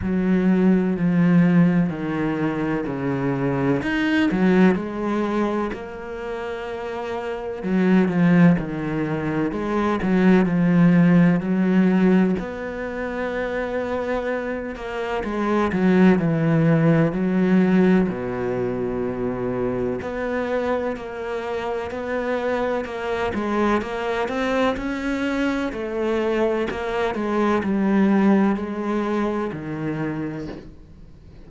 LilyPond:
\new Staff \with { instrumentName = "cello" } { \time 4/4 \tempo 4 = 63 fis4 f4 dis4 cis4 | dis'8 fis8 gis4 ais2 | fis8 f8 dis4 gis8 fis8 f4 | fis4 b2~ b8 ais8 |
gis8 fis8 e4 fis4 b,4~ | b,4 b4 ais4 b4 | ais8 gis8 ais8 c'8 cis'4 a4 | ais8 gis8 g4 gis4 dis4 | }